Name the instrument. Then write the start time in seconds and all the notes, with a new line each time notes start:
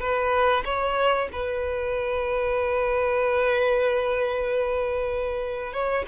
violin
0.00 B4
0.65 C#5
1.32 B4
5.73 C#5